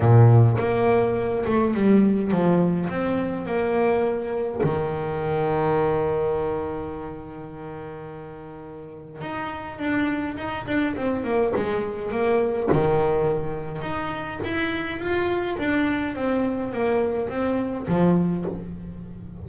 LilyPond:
\new Staff \with { instrumentName = "double bass" } { \time 4/4 \tempo 4 = 104 ais,4 ais4. a8 g4 | f4 c'4 ais2 | dis1~ | dis1 |
dis'4 d'4 dis'8 d'8 c'8 ais8 | gis4 ais4 dis2 | dis'4 e'4 f'4 d'4 | c'4 ais4 c'4 f4 | }